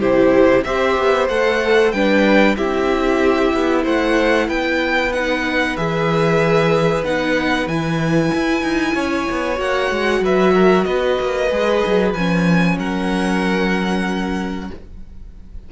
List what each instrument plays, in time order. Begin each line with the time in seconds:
0.00 cello C3, viola E4, violin G4 C5
0.63 cello C4, viola G4, violin C5 E5
0.98 cello B3
1.28 cello A3, viola A4, violin F#5
1.92 cello G3, viola D4, violin B4 G5
2.57 cello C4, viola E4, violin G4 E5
3.53 cello B3
3.83 cello A3, violin C5 F#5
4.48 cello B3, violin B4 G5
5.12 viola D#4, violin F#5
5.76 cello E3, viola G#4, violin E5
7.03 cello B3, viola D#4, violin F#5
7.66 cello E3, viola E4, violin G#5
8.34 cello E4
8.62 cello D#4
8.94 cello C#4, violin C#5
9.30 cello B3
9.54 cello A#3, viola F#4, violin F#5
9.91 cello G#3
10.20 cello F#3, violin B4 E5
10.53 violin A#4
10.84 cello B3, violin B4 D#5
11.20 cello A#3
11.50 cello G#3, viola G#4
11.86 cello F#3
12.13 cello F3, viola C#4, violin G#5
12.77 cello F#3, violin A#4 F#5